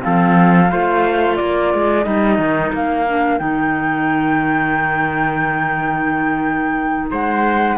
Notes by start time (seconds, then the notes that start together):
0.00 F3 C4 A4 F5
0.71 A3 F4 C5
1.36 A#3 A#4 D5
1.74 G#3
2.04 G3 D#4 D#5
2.38 D#3
2.73 A#3 F5
3.08 D4
3.39 D#3 D#4 G5
7.11 G#3 C5 F#5